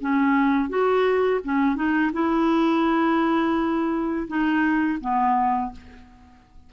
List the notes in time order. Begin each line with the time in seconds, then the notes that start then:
0.00 C#4
0.69 F#4
1.44 C#4
1.75 D#4
2.13 E4
4.27 D#4
5.00 B3